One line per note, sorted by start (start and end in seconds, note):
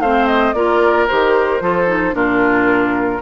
0.00 0.54 A3
0.00 0.55 C4
0.00 0.55 C5
0.00 0.27 F5
0.27 0.53 D#5
0.53 1.08 A#3
0.53 1.09 F4
0.53 1.63 A#4
0.53 1.07 D5
1.08 1.61 D#3
1.08 1.61 G4
1.08 2.15 C5
1.61 2.14 F3
1.61 1.87 F4
1.61 2.15 A4
1.87 2.12 D#4
2.12 3.21 A#2
2.12 3.20 D4
2.12 3.22 F4
2.12 3.22 A#4